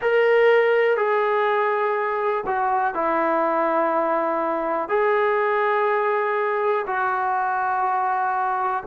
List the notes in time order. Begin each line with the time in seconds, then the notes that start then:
0.01 A#4
0.96 G#4
2.46 F#4
2.94 E4
4.88 G#4
6.86 F#4